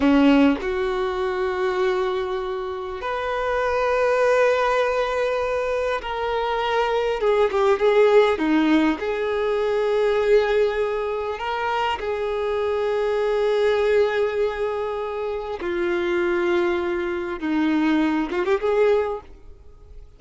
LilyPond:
\new Staff \with { instrumentName = "violin" } { \time 4/4 \tempo 4 = 100 cis'4 fis'2.~ | fis'4 b'2.~ | b'2 ais'2 | gis'8 g'8 gis'4 dis'4 gis'4~ |
gis'2. ais'4 | gis'1~ | gis'2 f'2~ | f'4 dis'4. f'16 g'16 gis'4 | }